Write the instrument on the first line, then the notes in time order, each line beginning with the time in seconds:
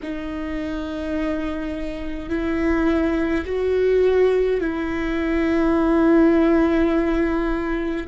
viola
0.02 D#4
2.29 E4
3.45 F#4
4.60 E4